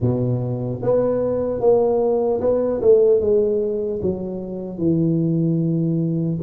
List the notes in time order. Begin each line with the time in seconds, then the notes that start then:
0.00 B2
0.82 B3
1.60 A#3
2.40 B3
2.81 A3
3.20 G#3
4.02 F#3
4.77 E3